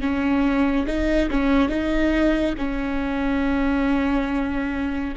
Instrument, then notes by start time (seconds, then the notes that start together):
viola
0.00 C#4
0.86 D#4
1.31 C#4
1.69 D#4
2.58 C#4